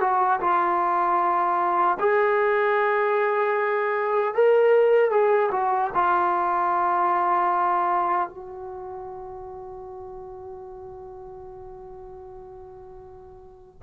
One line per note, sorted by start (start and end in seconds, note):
0.00 0.39 F#4
0.40 1.98 F4
1.99 4.34 G#4
4.34 5.11 A#4
5.11 5.50 G#4
5.51 5.90 F#4
5.94 8.29 F4
8.29 13.82 F#4